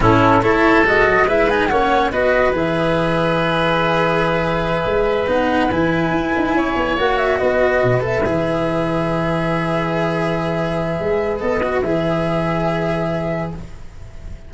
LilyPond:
<<
  \new Staff \with { instrumentName = "flute" } { \time 4/4 \tempo 4 = 142 a'4 cis''4 dis''4 e''8 gis''8 | fis''4 dis''4 e''2~ | e''1~ | e''8 fis''4 gis''2~ gis''8~ |
gis''8 fis''8 e''8 dis''4. e''4~ | e''1~ | e''2. dis''4 | e''1 | }
  \new Staff \with { instrumentName = "oboe" } { \time 4/4 e'4 a'2 b'4 | cis''4 b'2.~ | b'1~ | b'2.~ b'8 cis''8~ |
cis''4. b'2~ b'8~ | b'1~ | b'1~ | b'1 | }
  \new Staff \with { instrumentName = "cello" } { \time 4/4 cis'4 e'4 fis'4 e'8 dis'8 | cis'4 fis'4 gis'2~ | gis'1~ | gis'8 dis'4 e'2~ e'8~ |
e'8 fis'2~ fis'8 a'8 gis'8~ | gis'1~ | gis'2. a'8 fis'8 | gis'1 | }
  \new Staff \with { instrumentName = "tuba" } { \time 4/4 a,4 a4 gis8 fis8 gis4 | ais4 b4 e2~ | e2.~ e8 gis8~ | gis8 b4 e4 e'8 dis'8 cis'8 |
b8 ais4 b4 b,4 e8~ | e1~ | e2 gis4 b4 | e1 | }
>>